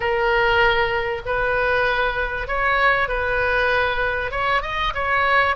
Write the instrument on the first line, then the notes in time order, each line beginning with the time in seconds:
oboe
0.00 A#4
1.25 B4
2.47 C#5
3.08 B4
4.31 C#5
4.62 D#5
4.94 C#5